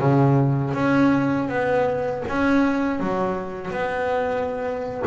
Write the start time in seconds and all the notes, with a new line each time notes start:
0.00 C#3
0.74 C#4
1.49 B3
2.29 C#4
3.00 F#3
3.72 B3